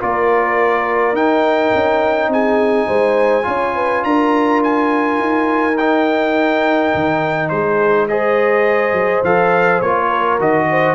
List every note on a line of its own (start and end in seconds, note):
0.00 1.13 A#3
0.00 1.15 F4
0.00 2.31 A#4
0.00 1.16 D5
1.13 1.71 D#4
1.13 3.43 D#4
1.13 2.31 G5
1.74 2.28 C#4
2.28 2.86 C4
2.28 2.87 G#4
2.28 4.04 G#5
2.87 3.46 G#3
2.87 3.45 C5
3.43 4.04 C#4
3.43 5.74 F4
3.43 3.76 C#5
3.76 4.05 B4
4.04 5.20 D4
4.04 7.52 A#4
4.04 4.62 A#5
4.63 5.78 G#5
5.20 6.93 D#4
5.78 8.09 D#4
5.78 7.49 G5
6.94 7.51 D#3
7.49 8.93 G#3
7.49 8.09 G#4
7.49 8.07 C5
8.08 9.24 G#4
8.08 10.08 C5
8.08 9.24 D#5
8.93 9.21 F#3
9.24 9.81 F3
9.24 9.83 A4
9.24 9.81 F5
9.81 10.39 A#3
9.81 10.40 F4
9.81 10.39 C#5
10.08 10.66 A#4
10.39 10.95 D#3
10.39 10.95 F#4
10.39 10.95 D#5
10.70 10.95 C5